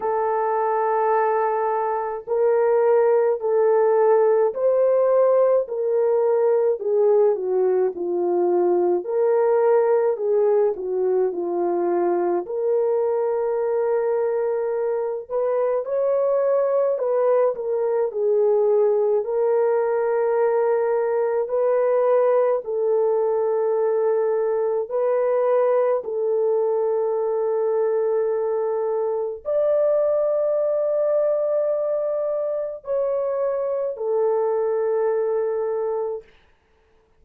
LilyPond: \new Staff \with { instrumentName = "horn" } { \time 4/4 \tempo 4 = 53 a'2 ais'4 a'4 | c''4 ais'4 gis'8 fis'8 f'4 | ais'4 gis'8 fis'8 f'4 ais'4~ | ais'4. b'8 cis''4 b'8 ais'8 |
gis'4 ais'2 b'4 | a'2 b'4 a'4~ | a'2 d''2~ | d''4 cis''4 a'2 | }